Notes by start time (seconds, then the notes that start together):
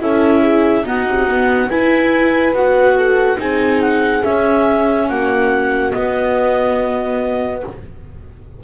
0.00 C#4 E4 A4 E5
0.42 G#4
0.83 B3 D#4 F#4 F#5
1.07 C3
1.28 B3
1.69 E4 B4 G#5
2.53 B3 F#4 F#5
2.96 A4
3.37 C4 D#4 G#4 G#5
3.82 F#5
4.23 C#4 E5
5.08 A#3 F#4 F#5
5.91 B3 D#5